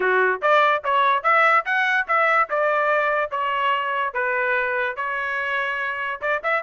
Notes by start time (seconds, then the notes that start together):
0.00 F#4
0.41 D5
0.84 C#5
1.23 E5
1.65 F#5
2.07 E5
2.49 D5
3.30 C#5
4.13 B4
4.96 C#5
6.21 D5
6.43 E5